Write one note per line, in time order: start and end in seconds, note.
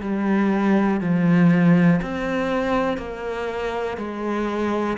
0.00 1.00 G3
1.00 2.00 F3
2.02 2.97 C4
2.97 3.97 A#3
3.97 4.97 G#3